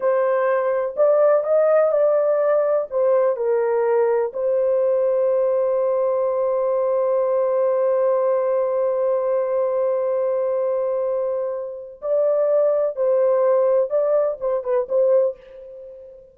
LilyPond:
\new Staff \with { instrumentName = "horn" } { \time 4/4 \tempo 4 = 125 c''2 d''4 dis''4 | d''2 c''4 ais'4~ | ais'4 c''2.~ | c''1~ |
c''1~ | c''1~ | c''4 d''2 c''4~ | c''4 d''4 c''8 b'8 c''4 | }